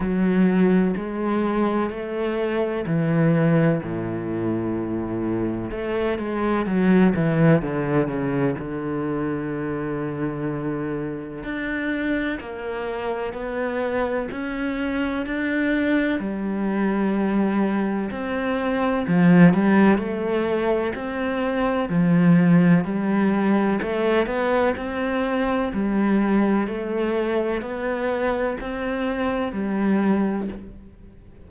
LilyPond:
\new Staff \with { instrumentName = "cello" } { \time 4/4 \tempo 4 = 63 fis4 gis4 a4 e4 | a,2 a8 gis8 fis8 e8 | d8 cis8 d2. | d'4 ais4 b4 cis'4 |
d'4 g2 c'4 | f8 g8 a4 c'4 f4 | g4 a8 b8 c'4 g4 | a4 b4 c'4 g4 | }